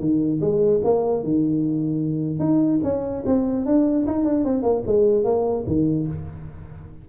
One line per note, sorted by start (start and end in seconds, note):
0.00 0.40 D#3
0.41 0.81 G#3
0.84 1.23 A#3
1.23 2.40 D#3
2.40 2.80 D#4
2.84 3.24 C#4
3.26 3.66 C4
3.66 4.06 D4
4.07 4.25 D#4
4.25 4.45 D4
4.45 4.63 C4
4.63 4.83 A#3
4.87 5.24 G#3
5.24 5.65 A#3
5.67 6.07 D#3